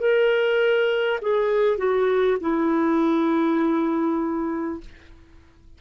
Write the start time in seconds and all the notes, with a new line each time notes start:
0.00 A#4
1.22 G#4
1.78 F#4
2.41 E4